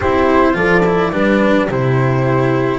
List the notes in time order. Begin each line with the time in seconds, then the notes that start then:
0.00 C4 E4 G4 C5
0.53 F3 F4 A4 D5
0.85 E4
1.12 G3 D4 B4
1.68 C3 E4 G4 C5